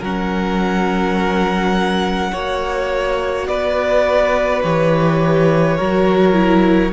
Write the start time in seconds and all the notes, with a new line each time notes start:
0.00 F#3 C#4 A#4 F#5
2.32 A#3 F#4 C#5
3.47 B3 B4 D5
4.63 E3 G4 C#5
5.76 F#3 F#4 A#4
6.33 E4